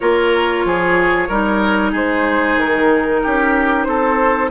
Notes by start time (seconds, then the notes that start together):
0.00 A#3 F4 A#4 C#5
0.64 F3 G#4
1.28 G3 D#4 A#4
1.91 G#3 G#4 C5
2.56 D#3 A#4
3.23 C#4 G4
3.83 C4 A4 C5